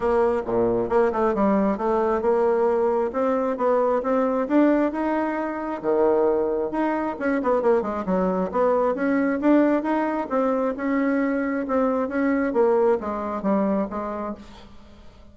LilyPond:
\new Staff \with { instrumentName = "bassoon" } { \time 4/4 \tempo 4 = 134 ais4 ais,4 ais8 a8 g4 | a4 ais2 c'4 | b4 c'4 d'4 dis'4~ | dis'4 dis2 dis'4 |
cis'8 b8 ais8 gis8 fis4 b4 | cis'4 d'4 dis'4 c'4 | cis'2 c'4 cis'4 | ais4 gis4 g4 gis4 | }